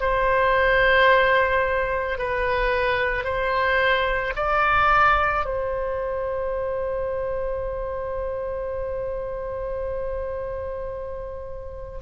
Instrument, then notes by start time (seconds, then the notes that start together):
oboe
0.00 C5
2.18 B4
3.24 C5
4.36 D5
5.44 C5